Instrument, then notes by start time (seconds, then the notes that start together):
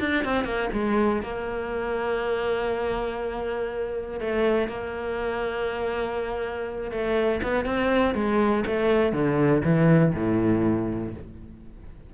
cello
0.00 D4
0.25 C4
0.45 A#3
0.73 G#3
1.23 A#3
4.20 A3
4.69 A#3
6.92 A3
7.43 B3
7.66 C4
8.15 G#3
8.67 A3
9.13 D3
9.65 E3
10.15 A2